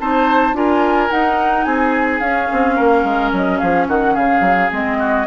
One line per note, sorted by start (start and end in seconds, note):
0.00 0.53 C4
0.00 0.54 D#4
0.00 0.56 C5
0.00 0.56 A5
0.53 1.09 D4
0.53 1.09 F4
0.53 1.66 A#4
0.53 1.11 G#5
1.10 2.21 D#4
1.10 1.66 D#4
1.10 1.64 F#5
1.64 2.20 C4
1.64 2.76 G#4
1.64 2.20 G#5
2.20 2.48 C#4
2.20 4.71 C#4
2.20 3.31 F5
2.52 2.79 C4
2.76 3.04 A#3
2.76 3.59 A#4
3.04 3.32 G#3
3.32 3.60 F#3
3.32 3.58 D#5
3.58 3.88 F3
3.58 3.87 G#4
3.58 3.86 F5
3.88 4.16 D#3
3.88 4.14 F#4
3.88 4.16 F#5
4.14 4.40 C#3
4.14 4.97 G#4
4.14 4.71 F5
4.40 4.68 F#3
4.71 5.26 G#3
4.71 5.26 C4
4.71 5.26 D#5
4.99 5.26 F#4